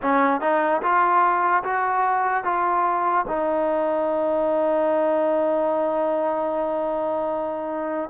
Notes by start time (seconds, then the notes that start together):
0.02 C#4
0.41 D#4
0.81 F4
1.63 F#4
2.44 F4
3.27 D#4